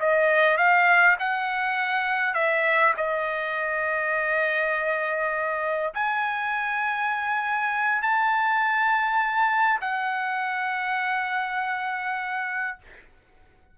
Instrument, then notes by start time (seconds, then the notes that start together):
trumpet
0.00 D#5
0.57 F5
1.19 F#5
2.34 E5
2.97 D#5
5.94 G#5
8.02 A5
9.81 F#5